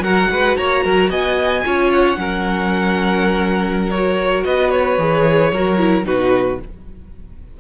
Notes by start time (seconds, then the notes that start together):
0.00 F#3 F#4 A#4 F#5
0.31 G#3 B4
0.56 A#3 C#5 A#5
0.84 F#3 A#4
1.10 B3 D#5 G#5
1.64 C#4 F4 C#5
1.92 F#5
2.16 F#3 C#4 A#4
3.90 F#4 C#5
4.45 B3 B4 D#5
4.70 C#5
4.98 E3 G#4
5.51 F#3 F#4 A#4
5.78 E4
6.04 B2 D#4 F#4 B4